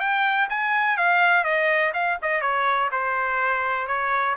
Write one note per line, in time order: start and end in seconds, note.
0.00 0.48 G5
0.49 0.97 G#5
0.97 1.44 F5
1.44 1.92 D#5
1.94 2.18 F5
2.22 2.41 D#5
2.41 2.90 C#5
2.92 3.87 C5
3.87 4.35 C#5